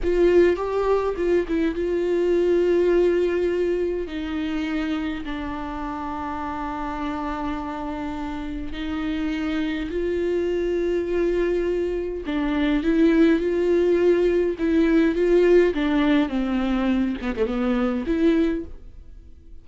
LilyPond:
\new Staff \with { instrumentName = "viola" } { \time 4/4 \tempo 4 = 103 f'4 g'4 f'8 e'8 f'4~ | f'2. dis'4~ | dis'4 d'2.~ | d'2. dis'4~ |
dis'4 f'2.~ | f'4 d'4 e'4 f'4~ | f'4 e'4 f'4 d'4 | c'4. b16 a16 b4 e'4 | }